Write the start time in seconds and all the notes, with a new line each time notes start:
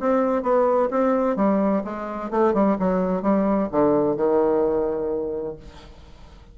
0.00 C4
0.43 B3
0.91 C4
1.37 G3
1.84 G#3
2.31 A3
2.54 G3
2.79 F#3
3.22 G3
3.72 D3
4.17 D#3